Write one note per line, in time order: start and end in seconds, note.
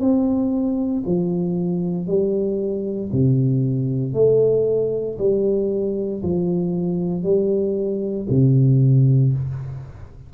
0.00 1.03 C4
1.06 2.07 F3
2.07 3.11 G3
3.12 4.14 C3
4.14 5.17 A3
5.19 6.22 G3
6.23 7.23 F3
7.23 8.27 G3
8.29 9.33 C3